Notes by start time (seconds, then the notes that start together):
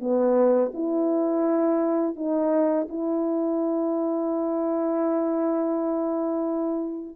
0.00 B3
0.74 E4
2.16 D#4
2.89 E4